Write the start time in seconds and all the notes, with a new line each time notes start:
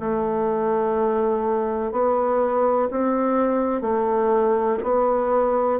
0.00 A3
1.92 B3
2.91 C4
3.81 A3
4.83 B3